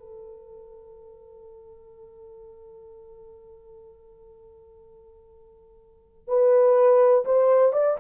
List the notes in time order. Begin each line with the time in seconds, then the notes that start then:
0.00 A4
6.28 B4
7.25 C5
7.73 D5